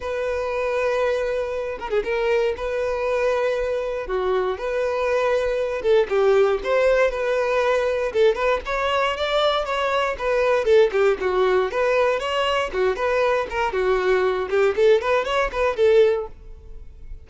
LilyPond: \new Staff \with { instrumentName = "violin" } { \time 4/4 \tempo 4 = 118 b'2.~ b'8 ais'16 gis'16 | ais'4 b'2. | fis'4 b'2~ b'8 a'8 | g'4 c''4 b'2 |
a'8 b'8 cis''4 d''4 cis''4 | b'4 a'8 g'8 fis'4 b'4 | cis''4 fis'8 b'4 ais'8 fis'4~ | fis'8 g'8 a'8 b'8 cis''8 b'8 a'4 | }